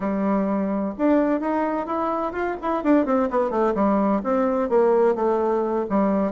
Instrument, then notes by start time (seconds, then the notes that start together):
bassoon
0.00 G3
0.98 D4
1.40 D#4
1.86 E4
2.32 F4
2.61 E4
2.83 D4
3.05 C4
3.30 B3
3.50 A3
3.74 G3
4.23 C4
4.69 A#3
5.15 A3
5.89 G3